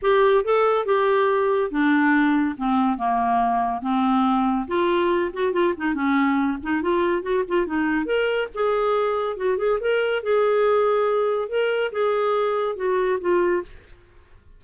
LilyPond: \new Staff \with { instrumentName = "clarinet" } { \time 4/4 \tempo 4 = 141 g'4 a'4 g'2 | d'2 c'4 ais4~ | ais4 c'2 f'4~ | f'8 fis'8 f'8 dis'8 cis'4. dis'8 |
f'4 fis'8 f'8 dis'4 ais'4 | gis'2 fis'8 gis'8 ais'4 | gis'2. ais'4 | gis'2 fis'4 f'4 | }